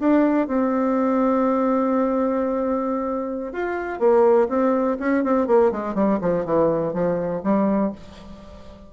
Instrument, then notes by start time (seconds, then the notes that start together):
bassoon
0.00 D4
0.48 C4
3.53 F4
3.99 A#3
4.49 C4
5.00 C#4
5.24 C4
5.47 A#3
5.71 G#3
5.95 G3
6.21 F3
6.45 E3
6.93 F3
7.43 G3